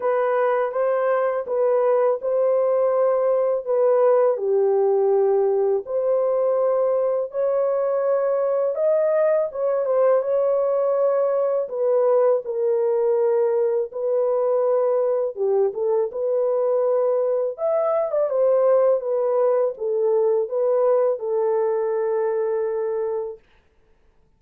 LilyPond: \new Staff \with { instrumentName = "horn" } { \time 4/4 \tempo 4 = 82 b'4 c''4 b'4 c''4~ | c''4 b'4 g'2 | c''2 cis''2 | dis''4 cis''8 c''8 cis''2 |
b'4 ais'2 b'4~ | b'4 g'8 a'8 b'2 | e''8. d''16 c''4 b'4 a'4 | b'4 a'2. | }